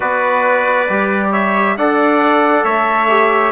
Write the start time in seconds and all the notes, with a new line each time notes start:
0.00 B3 F#4 B4 D5
0.89 G3 G4
1.31 C#5 E5
1.77 D4 A4 D5 F#5
2.64 A3 C#5 E5
3.08 G4